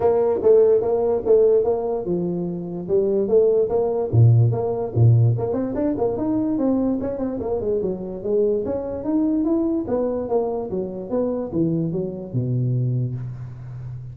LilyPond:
\new Staff \with { instrumentName = "tuba" } { \time 4/4 \tempo 4 = 146 ais4 a4 ais4 a4 | ais4 f2 g4 | a4 ais4 ais,4 ais4 | ais,4 ais8 c'8 d'8 ais8 dis'4 |
c'4 cis'8 c'8 ais8 gis8 fis4 | gis4 cis'4 dis'4 e'4 | b4 ais4 fis4 b4 | e4 fis4 b,2 | }